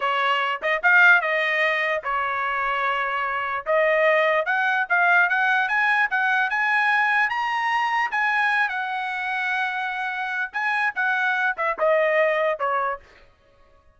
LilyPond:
\new Staff \with { instrumentName = "trumpet" } { \time 4/4 \tempo 4 = 148 cis''4. dis''8 f''4 dis''4~ | dis''4 cis''2.~ | cis''4 dis''2 fis''4 | f''4 fis''4 gis''4 fis''4 |
gis''2 ais''2 | gis''4. fis''2~ fis''8~ | fis''2 gis''4 fis''4~ | fis''8 e''8 dis''2 cis''4 | }